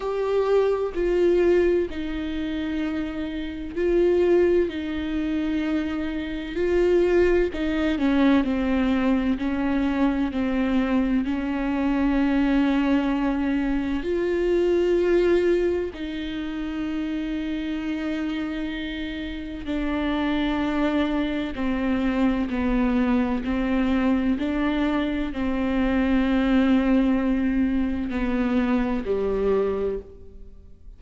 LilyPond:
\new Staff \with { instrumentName = "viola" } { \time 4/4 \tempo 4 = 64 g'4 f'4 dis'2 | f'4 dis'2 f'4 | dis'8 cis'8 c'4 cis'4 c'4 | cis'2. f'4~ |
f'4 dis'2.~ | dis'4 d'2 c'4 | b4 c'4 d'4 c'4~ | c'2 b4 g4 | }